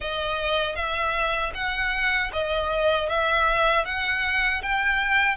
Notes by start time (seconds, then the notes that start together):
0.00 D#5
0.75 E5
1.54 F#5
2.33 D#5
3.09 E5
3.85 F#5
4.62 G5